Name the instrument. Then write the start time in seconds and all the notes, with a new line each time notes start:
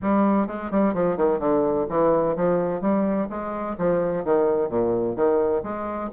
bassoon
0.01 G3
0.47 G#3
0.70 G3
0.94 F3
1.16 D#3
1.39 D3
1.89 E3
2.35 F3
2.81 G3
3.29 G#3
3.78 F3
4.24 D#3
4.69 A#2
5.15 D#3
5.63 G#3